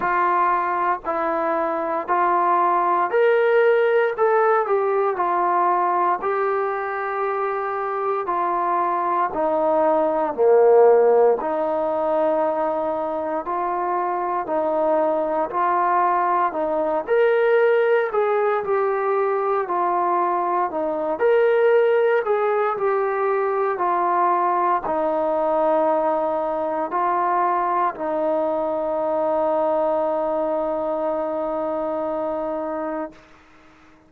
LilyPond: \new Staff \with { instrumentName = "trombone" } { \time 4/4 \tempo 4 = 58 f'4 e'4 f'4 ais'4 | a'8 g'8 f'4 g'2 | f'4 dis'4 ais4 dis'4~ | dis'4 f'4 dis'4 f'4 |
dis'8 ais'4 gis'8 g'4 f'4 | dis'8 ais'4 gis'8 g'4 f'4 | dis'2 f'4 dis'4~ | dis'1 | }